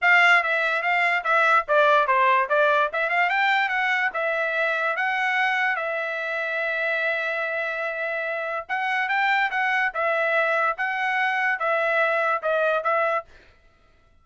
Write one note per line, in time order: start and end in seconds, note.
0.01 0.43 F5
0.43 0.82 E5
0.82 1.23 F5
1.24 1.65 E5
1.68 2.07 D5
2.07 2.48 C5
2.49 2.90 D5
2.92 3.09 E5
3.09 3.29 F5
3.29 3.68 G5
3.68 4.10 F#5
4.13 4.96 E5
4.96 5.76 F#5
5.76 8.65 E5
8.68 9.08 F#5
9.08 9.50 G5
9.50 9.92 F#5
9.94 10.76 E5
10.77 11.59 F#5
11.59 12.42 E5
12.42 12.83 D#5
12.83 13.24 E5